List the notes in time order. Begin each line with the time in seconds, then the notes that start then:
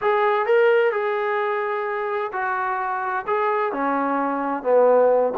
0.01 G#4
0.45 A#4
0.92 G#4
2.32 F#4
3.26 G#4
3.72 C#4
4.63 B3